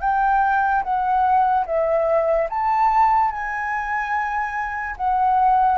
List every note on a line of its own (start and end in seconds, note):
0.00 0.82 G5
0.83 1.65 F#5
1.66 2.48 E5
2.49 3.31 A5
3.31 4.95 G#5
4.97 5.77 F#5